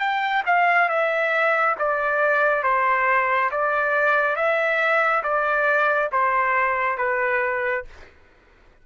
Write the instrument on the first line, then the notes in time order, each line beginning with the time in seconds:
trumpet
0.00 G5
0.46 F5
0.89 E5
1.79 D5
2.64 C5
3.52 D5
4.36 E5
5.23 D5
6.12 C5
6.98 B4